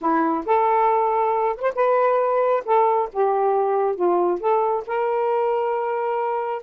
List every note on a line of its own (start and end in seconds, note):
0.01 0.45 E4
0.45 1.56 A4
1.56 1.61 B4
1.56 1.72 C5
1.75 2.63 B4
2.65 3.09 A4
3.12 3.95 G4
3.95 4.39 F4
4.39 4.83 A4
4.86 6.62 A#4